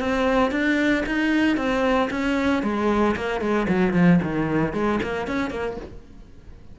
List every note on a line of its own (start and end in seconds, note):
0.00 0.52 C4
0.52 1.04 D4
1.06 1.57 D#4
1.57 2.10 C4
2.11 2.63 C#4
2.63 3.16 G#3
3.16 3.41 A#3
3.41 3.67 G#3
3.69 3.94 F#3
3.94 4.20 F3
4.23 4.74 D#3
4.74 5.00 G#3
5.03 5.28 A#3
5.28 5.51 C#4
5.51 5.77 A#3